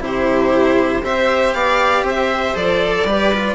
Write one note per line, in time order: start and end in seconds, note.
0.00 1.02 C3
0.00 1.02 E4
0.00 1.05 G4
0.00 1.06 C5
1.03 1.54 C4
1.03 2.56 G4
1.03 1.55 C5
1.03 1.54 E5
1.54 2.04 B3
1.54 2.05 D5
1.54 2.05 F5
2.04 2.55 C4
2.04 3.06 C5
2.10 2.57 E5
2.56 3.05 F3
2.56 3.07 A4
2.56 3.55 D5
3.05 3.55 G3
3.05 3.33 G4
3.05 3.55 B4
3.33 3.55 F4